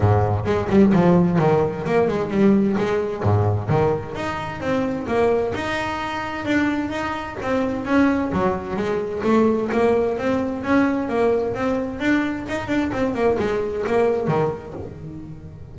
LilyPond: \new Staff \with { instrumentName = "double bass" } { \time 4/4 \tempo 4 = 130 gis,4 gis8 g8 f4 dis4 | ais8 gis8 g4 gis4 gis,4 | dis4 dis'4 c'4 ais4 | dis'2 d'4 dis'4 |
c'4 cis'4 fis4 gis4 | a4 ais4 c'4 cis'4 | ais4 c'4 d'4 dis'8 d'8 | c'8 ais8 gis4 ais4 dis4 | }